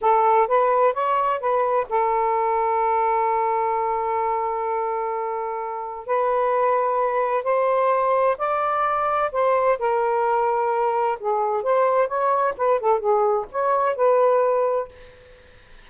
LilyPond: \new Staff \with { instrumentName = "saxophone" } { \time 4/4 \tempo 4 = 129 a'4 b'4 cis''4 b'4 | a'1~ | a'1~ | a'4 b'2. |
c''2 d''2 | c''4 ais'2. | gis'4 c''4 cis''4 b'8 a'8 | gis'4 cis''4 b'2 | }